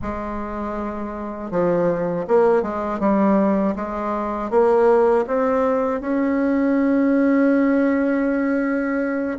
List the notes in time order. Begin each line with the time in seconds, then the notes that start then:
0.01 G#3
1.50 F3
2.27 A#3
2.62 G#3
2.99 G3
3.75 G#3
4.50 A#3
5.27 C4
6.00 C#4